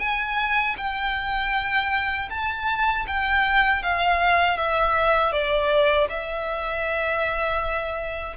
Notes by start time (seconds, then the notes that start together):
0.00 G#5
0.78 G5
2.30 A5
3.08 G5
3.83 F5
4.58 E5
5.32 D5
6.10 E5